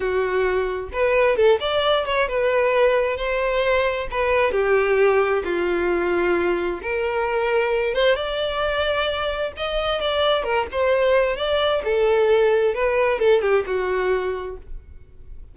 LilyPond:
\new Staff \with { instrumentName = "violin" } { \time 4/4 \tempo 4 = 132 fis'2 b'4 a'8 d''8~ | d''8 cis''8 b'2 c''4~ | c''4 b'4 g'2 | f'2. ais'4~ |
ais'4. c''8 d''2~ | d''4 dis''4 d''4 ais'8 c''8~ | c''4 d''4 a'2 | b'4 a'8 g'8 fis'2 | }